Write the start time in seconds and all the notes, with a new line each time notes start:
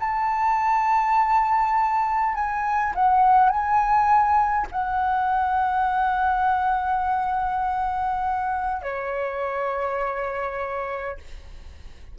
0.00 A5
2.35 G#5
2.96 F#5
3.50 G#5
4.72 F#5
8.82 C#5